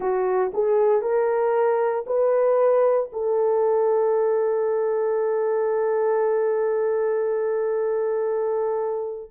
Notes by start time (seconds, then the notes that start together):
0.00 F#4
0.53 G#4
1.01 A#4
2.06 B4
3.12 A4